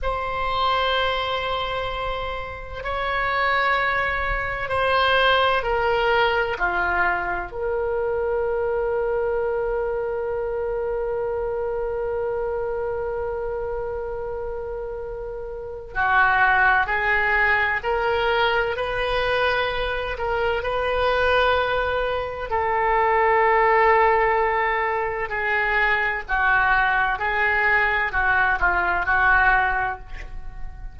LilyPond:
\new Staff \with { instrumentName = "oboe" } { \time 4/4 \tempo 4 = 64 c''2. cis''4~ | cis''4 c''4 ais'4 f'4 | ais'1~ | ais'1~ |
ais'4 fis'4 gis'4 ais'4 | b'4. ais'8 b'2 | a'2. gis'4 | fis'4 gis'4 fis'8 f'8 fis'4 | }